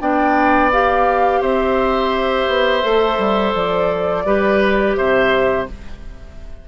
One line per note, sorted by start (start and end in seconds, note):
0.00 1.41 B3
0.00 0.71 D4
0.00 1.41 D5
0.00 0.71 G5
0.72 2.83 G4
0.72 1.42 F5
1.41 2.47 C4
1.41 4.24 C5
1.41 3.54 E5
2.48 2.83 B3
2.83 3.18 A3
2.83 4.25 A4
3.18 3.53 G3
3.54 4.25 F3
3.54 4.96 D5
4.25 4.95 G3
4.25 5.67 G4
4.25 4.97 B4
4.96 5.69 C3
4.96 5.68 C5
4.96 5.67 E5